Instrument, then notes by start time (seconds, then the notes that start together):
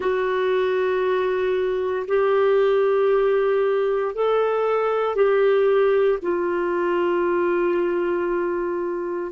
clarinet
0.00 F#4
2.07 G4
4.14 A4
5.15 G4
6.22 F4